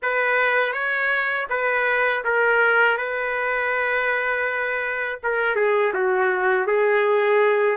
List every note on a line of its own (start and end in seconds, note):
0.02 0.72 B4
0.72 1.46 C#5
1.49 2.23 B4
2.24 2.97 A#4
2.97 5.19 B4
5.23 5.55 A#4
5.55 5.92 G#4
5.93 6.66 F#4
6.66 7.77 G#4